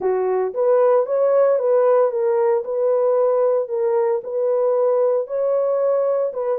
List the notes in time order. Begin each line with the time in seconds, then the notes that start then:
0.00 F#4
0.54 B4
1.06 C#5
1.58 B4
2.11 A#4
2.64 B4
3.68 A#4
4.23 B4
5.27 C#5
6.33 B4